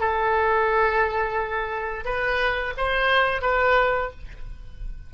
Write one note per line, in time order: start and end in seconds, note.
0.00 2.05 A4
2.05 2.74 B4
2.77 3.42 C5
3.42 4.11 B4